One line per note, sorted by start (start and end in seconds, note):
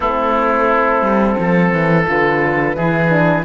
0.00 1.01 A3
0.00 2.06 C4
0.00 1.38 E4
0.00 2.07 A4
1.01 1.36 G3
1.39 1.73 F3
1.39 2.76 A4
1.73 2.07 E3
2.06 2.76 D3
2.06 2.75 F4
2.06 3.44 B4
2.76 3.44 E3
2.76 3.09 E4
2.76 3.44 G#4
3.09 3.43 D4